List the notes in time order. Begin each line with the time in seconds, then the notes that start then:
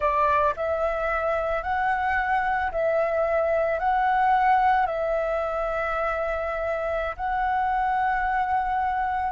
0.00 D5
0.56 E5
1.62 F#5
2.71 E5
3.79 F#5
4.86 E5
7.16 F#5